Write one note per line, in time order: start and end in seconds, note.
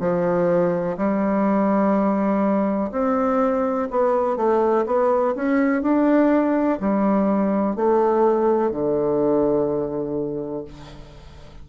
0.00 0.97 F3
0.98 2.92 G3
2.92 3.89 C4
3.91 4.37 B3
4.37 4.86 A3
4.87 5.35 B3
5.36 5.83 C#4
5.83 6.80 D4
6.80 7.76 G3
7.76 8.71 A3
8.71 10.65 D3